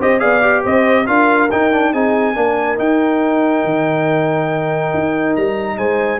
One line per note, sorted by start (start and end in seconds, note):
0.00 0.22 C4
0.00 0.19 G4
0.00 0.20 C5
0.00 0.19 D#5
0.19 0.64 B3
0.19 0.41 G#4
0.19 0.63 D5
0.19 0.62 F5
0.41 1.05 G4
0.63 1.08 C4
0.63 1.06 C5
0.63 1.07 D#5
1.06 1.51 D4
1.06 1.49 F4
1.06 1.93 A#4
1.06 1.50 F5
1.51 1.72 D#4
1.51 1.93 D#4
1.51 1.93 G5
1.72 1.94 D4
1.93 2.36 C4
1.93 2.35 D#4
1.93 2.36 G#4
1.93 2.78 G#5
2.35 2.78 A#3
2.35 2.77 D4
2.35 5.77 A#4
2.77 6.20 D#4
2.77 3.64 D#4
2.77 5.36 G5
3.64 4.93 D#3
4.94 5.36 D#4
5.36 5.78 G3
5.36 5.78 A#5
5.77 6.20 G#3
5.77 6.20 C5
5.77 6.20 G#5